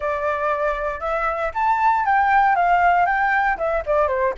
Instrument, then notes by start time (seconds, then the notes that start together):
flute
0.00 D5
1.00 E5
1.54 A5
2.05 G5
2.55 F5
3.06 G5
3.57 E5
3.86 D5
4.07 C5